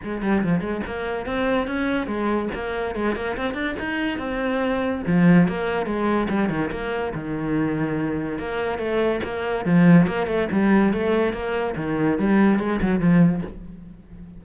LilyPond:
\new Staff \with { instrumentName = "cello" } { \time 4/4 \tempo 4 = 143 gis8 g8 f8 gis8 ais4 c'4 | cis'4 gis4 ais4 gis8 ais8 | c'8 d'8 dis'4 c'2 | f4 ais4 gis4 g8 dis8 |
ais4 dis2. | ais4 a4 ais4 f4 | ais8 a8 g4 a4 ais4 | dis4 g4 gis8 fis8 f4 | }